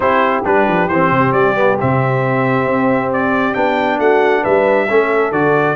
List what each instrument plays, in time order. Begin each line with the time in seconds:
0.00 tuba C4, trombone E4, horn G4, trumpet C5
0.44 tuba G3, trombone D4, trumpet B4
0.67 tuba F3
0.88 tuba E3, trombone C4, trumpet C5
1.11 tuba C3
1.32 tuba G3, trumpet D5
1.55 trombone B3
1.80 tuba C3, trombone C4, trumpet E5
2.65 tuba C4
3.12 trumpet D5
3.54 tuba B3, trombone D4, trumpet G5
3.99 tuba A3, horn F#4, trumpet F#5
4.42 tuba G3, horn B4, trumpet E5
4.89 tuba A3, trombone C#4, horn A4
5.31 tuba D3, trombone F#4, trumpet D5